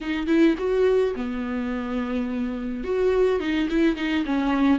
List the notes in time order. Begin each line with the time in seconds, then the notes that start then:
0.01 D#4
0.27 E4
0.57 F#4
1.15 B3
2.84 F#4
3.40 D#4
3.69 E4
3.96 D#4
4.25 C#4